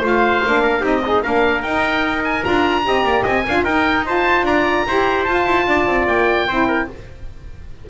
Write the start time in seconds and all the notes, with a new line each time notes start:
0.00 A3 F4 C5
0.06 F5
0.45 A#3 D4
0.62 A#4
0.80 C4 D#4 G4 D#5
1.05 D#4 G#4
1.22 A#3 D4 A#4 F5
1.62 D#4 G5
2.24 G#5
2.42 D4 F4 A#5
2.82 C4 G4 D#5
3.03 A#3 D5
3.23 C4 D#5 G#5
3.48 D4 F4 F5
3.63 D#4 A#4 G5
4.05 F4 C5 A5
4.43 D4 D5 A#5
4.87 E4 G4 C5
5.25 F4 A5
5.46 E4
5.66 D4 D5
5.87 C4
6.07 A#3 G5
6.47 C4 E4 C5
6.67 A#4